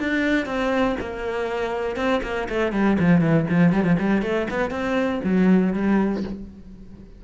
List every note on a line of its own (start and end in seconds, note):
0.00 0.46 D4
0.46 0.96 C4
1.01 1.96 A#3
1.96 2.21 C4
2.24 2.49 A#3
2.50 2.73 A3
2.73 2.98 G3
3.00 3.21 F3
3.21 3.46 E3
3.50 3.73 F3
3.73 3.84 G3
3.84 3.97 F3
4.00 4.23 G3
4.23 4.48 A3
4.51 4.71 B3
4.71 5.21 C4
5.24 5.74 F#3
5.74 6.24 G3